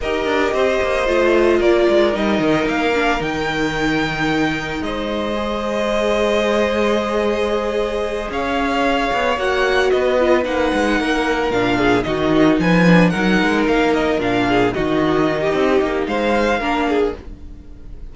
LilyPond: <<
  \new Staff \with { instrumentName = "violin" } { \time 4/4 \tempo 4 = 112 dis''2. d''4 | dis''4 f''4 g''2~ | g''4 dis''2.~ | dis''2.~ dis''8 f''8~ |
f''4. fis''4 dis''4 fis''8~ | fis''4. f''4 dis''4 gis''8~ | gis''8 fis''4 f''8 dis''8 f''4 dis''8~ | dis''2 f''2 | }
  \new Staff \with { instrumentName = "violin" } { \time 4/4 ais'4 c''2 ais'4~ | ais'1~ | ais'4 c''2.~ | c''2.~ c''8 cis''8~ |
cis''2~ cis''8 b'4.~ | b'8 ais'4. gis'8 fis'4 b'8~ | b'8 ais'2~ ais'8 gis'8 fis'8~ | fis'8. g'4~ g'16 c''4 ais'8 gis'8 | }
  \new Staff \with { instrumentName = "viola" } { \time 4/4 g'2 f'2 | dis'4. d'8 dis'2~ | dis'2 gis'2~ | gis'1~ |
gis'4. fis'4. f'8 dis'8~ | dis'4. d'4 dis'4. | d'8 dis'2 d'4 dis'8~ | dis'2. d'4 | }
  \new Staff \with { instrumentName = "cello" } { \time 4/4 dis'8 d'8 c'8 ais8 a4 ais8 gis8 | g8 dis8 ais4 dis2~ | dis4 gis2.~ | gis2.~ gis8 cis'8~ |
cis'4 b8 ais4 b4 ais8 | gis8 ais4 ais,4 dis4 f8~ | f8 fis8 gis8 ais4 ais,4 dis8~ | dis4 c'8 ais8 gis4 ais4 | }
>>